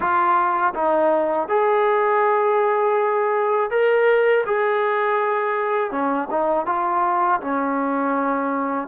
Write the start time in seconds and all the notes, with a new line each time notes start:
0.00 F4
0.74 D#4
1.48 G#4
3.70 A#4
4.45 G#4
5.91 C#4
6.30 D#4
6.66 F4
7.40 C#4